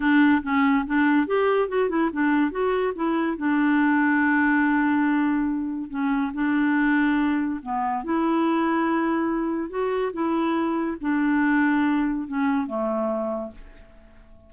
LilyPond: \new Staff \with { instrumentName = "clarinet" } { \time 4/4 \tempo 4 = 142 d'4 cis'4 d'4 g'4 | fis'8 e'8 d'4 fis'4 e'4 | d'1~ | d'2 cis'4 d'4~ |
d'2 b4 e'4~ | e'2. fis'4 | e'2 d'2~ | d'4 cis'4 a2 | }